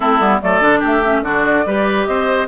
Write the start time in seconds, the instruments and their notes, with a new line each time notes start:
0.00 bassoon A3, clarinet C4, oboe E4, flute A4
0.19 bassoon G3, clarinet B3
0.41 bassoon F#3, clarinet A3, oboe A4, flute D5
0.61 bassoon D3, clarinet D4
0.79 bassoon A3, oboe G4, flute E5
1.04 clarinet C#4
1.22 bassoon D3, clarinet D4, oboe F#4, flute D5
1.65 bassoon G3, clarinet G4, oboe B4
2.05 bassoon C4, oboe C5, flute D#5